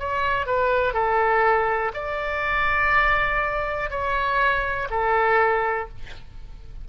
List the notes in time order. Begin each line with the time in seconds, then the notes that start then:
0.00 C#5
0.46 B4
0.94 A4
1.94 D5
3.91 C#5
4.91 A4